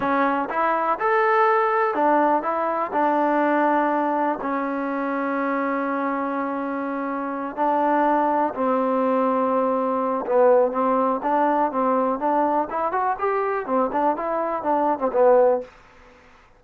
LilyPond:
\new Staff \with { instrumentName = "trombone" } { \time 4/4 \tempo 4 = 123 cis'4 e'4 a'2 | d'4 e'4 d'2~ | d'4 cis'2.~ | cis'2.~ cis'8 d'8~ |
d'4. c'2~ c'8~ | c'4 b4 c'4 d'4 | c'4 d'4 e'8 fis'8 g'4 | c'8 d'8 e'4 d'8. c'16 b4 | }